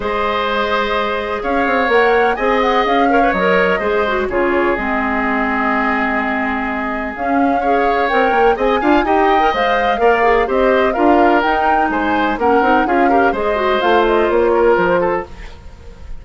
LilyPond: <<
  \new Staff \with { instrumentName = "flute" } { \time 4/4 \tempo 4 = 126 dis''2. f''4 | fis''4 gis''8 fis''8 f''4 dis''4~ | dis''4 cis''4 dis''2~ | dis''2. f''4~ |
f''4 g''4 gis''4 g''4 | f''2 dis''4 f''4 | g''4 gis''4 fis''4 f''4 | dis''4 f''8 dis''8 cis''4 c''4 | }
  \new Staff \with { instrumentName = "oboe" } { \time 4/4 c''2. cis''4~ | cis''4 dis''4. cis''4. | c''4 gis'2.~ | gis'1 |
cis''2 dis''8 f''8 dis''4~ | dis''4 d''4 c''4 ais'4~ | ais'4 c''4 ais'4 gis'8 ais'8 | c''2~ c''8 ais'4 a'8 | }
  \new Staff \with { instrumentName = "clarinet" } { \time 4/4 gis'1 | ais'4 gis'4. ais'16 b'16 ais'4 | gis'8 fis'8 f'4 c'2~ | c'2. cis'4 |
gis'4 ais'4 gis'8 f'8 g'8. ais'16 | c''4 ais'8 gis'8 g'4 f'4 | dis'2 cis'8 dis'8 f'8 g'8 | gis'8 fis'8 f'2. | }
  \new Staff \with { instrumentName = "bassoon" } { \time 4/4 gis2. cis'8 c'8 | ais4 c'4 cis'4 fis4 | gis4 cis4 gis2~ | gis2. cis'4~ |
cis'4 c'8 ais8 c'8 d'8 dis'4 | gis4 ais4 c'4 d'4 | dis'4 gis4 ais8 c'8 cis'4 | gis4 a4 ais4 f4 | }
>>